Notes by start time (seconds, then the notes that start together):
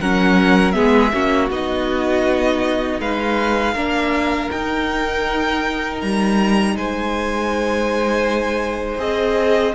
0.00 F#3 C#4 A#4 F#5
0.71 G#3 B3 G#4 E5
1.13 A#3 C#4 F#4
1.50 B3 D#4 D#5
3.00 G#3 B4 F5
3.74 A#3 D4 A#4
4.50 D#4 G5
6.01 G3 A#5
6.75 G#3 C5 G#5
8.98 C4 G#4 D#5